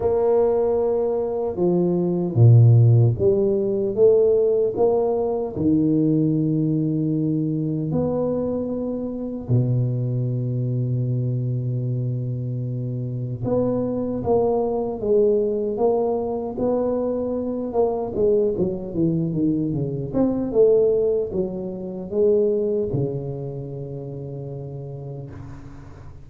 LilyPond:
\new Staff \with { instrumentName = "tuba" } { \time 4/4 \tempo 4 = 76 ais2 f4 ais,4 | g4 a4 ais4 dis4~ | dis2 b2 | b,1~ |
b,4 b4 ais4 gis4 | ais4 b4. ais8 gis8 fis8 | e8 dis8 cis8 c'8 a4 fis4 | gis4 cis2. | }